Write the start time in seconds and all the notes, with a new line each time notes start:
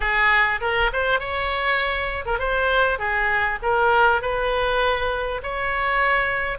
0.00 G#4
0.60 A#4
0.92 C5
1.19 C#5
2.25 A#4
2.38 C5
2.98 G#4
3.62 A#4
4.21 B4
5.42 C#5